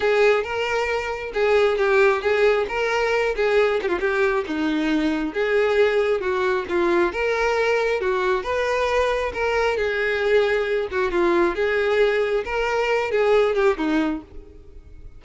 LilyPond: \new Staff \with { instrumentName = "violin" } { \time 4/4 \tempo 4 = 135 gis'4 ais'2 gis'4 | g'4 gis'4 ais'4. gis'8~ | gis'8 g'16 f'16 g'4 dis'2 | gis'2 fis'4 f'4 |
ais'2 fis'4 b'4~ | b'4 ais'4 gis'2~ | gis'8 fis'8 f'4 gis'2 | ais'4. gis'4 g'8 dis'4 | }